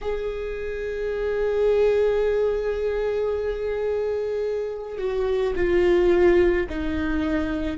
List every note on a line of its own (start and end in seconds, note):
0.01 4.97 G#4
4.97 5.53 F#4
5.56 6.67 F4
6.69 7.77 D#4